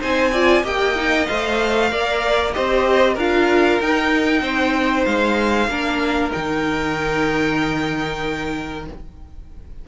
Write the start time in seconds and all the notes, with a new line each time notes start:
0.00 C4 D#4 C5 G#5
0.32 F4 D5
0.63 A#3 G4 D#5 G5
0.96 D#4
1.26 A3 C5 F5
1.90 A#3 A#4 D5
2.53 C4 G4 C5 D#5
3.14 D4 F4 A#4 F5
3.81 D#4 G5
4.42 C4 C5
5.06 G#3 F5
5.68 A#3 D4 A#4
6.32 D#3 D#4 G5